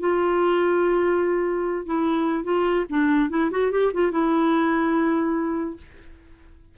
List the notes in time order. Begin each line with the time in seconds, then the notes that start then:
0.00 F4
1.86 E4
2.44 F4
2.90 D4
3.30 E4
3.51 F#4
3.71 G4
3.94 F4
4.12 E4